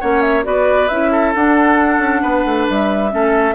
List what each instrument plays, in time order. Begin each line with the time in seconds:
0.00 bassoon A#3, clarinet C#4, oboe C#5, flute F#5
0.21 flute E5
0.43 bassoon B3, clarinet F#4, oboe B4, flute D5
0.88 bassoon C#4, clarinet E4, flute E5
1.11 oboe A4
1.34 bassoon D4, clarinet D4, flute F#5
1.98 bassoon C#4
2.22 bassoon B3, oboe B4
2.44 bassoon A3
2.69 bassoon G3, flute E5
3.10 bassoon A3, clarinet C#4, oboe A4